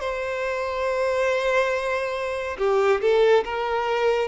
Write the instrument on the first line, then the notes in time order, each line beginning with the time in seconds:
violin
0.00 C5
2.58 G4
3.01 A4
3.44 A#4